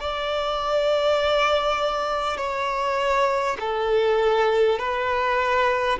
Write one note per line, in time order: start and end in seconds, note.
0.00 2.37 D5
2.37 3.57 C#5
3.61 4.79 A4
4.79 5.99 B4